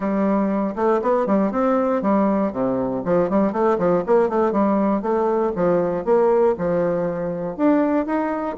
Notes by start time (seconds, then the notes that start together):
0.00 G3
0.75 A3
1.02 B3
1.26 G3
1.51 C4
2.02 G3
2.52 C3
3.04 F3
3.29 G3
3.52 A3
3.78 F3
4.06 A#3
4.29 A3
4.51 G3
5.02 A3
5.55 F3
6.04 A#3
6.58 F3
7.56 D4
8.05 D#4